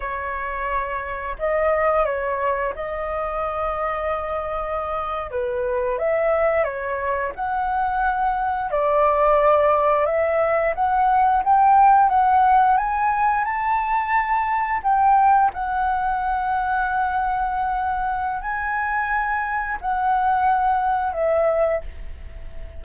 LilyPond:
\new Staff \with { instrumentName = "flute" } { \time 4/4 \tempo 4 = 88 cis''2 dis''4 cis''4 | dis''2.~ dis''8. b'16~ | b'8. e''4 cis''4 fis''4~ fis''16~ | fis''8. d''2 e''4 fis''16~ |
fis''8. g''4 fis''4 gis''4 a''16~ | a''4.~ a''16 g''4 fis''4~ fis''16~ | fis''2. gis''4~ | gis''4 fis''2 e''4 | }